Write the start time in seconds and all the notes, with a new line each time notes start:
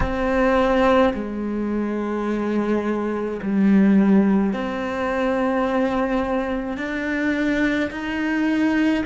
0.00 C4
1.13 G#3
3.42 G3
4.53 C4
6.77 D4
7.90 D#4